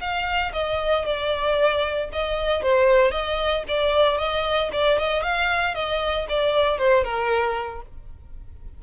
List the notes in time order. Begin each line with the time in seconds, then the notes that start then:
0.00 F5
0.53 D#5
1.05 D5
2.12 D#5
2.62 C5
3.11 D#5
3.68 D5
4.18 D#5
4.72 D5
4.98 D#5
5.23 F5
5.74 D#5
6.29 D5
6.78 C5
7.04 A#4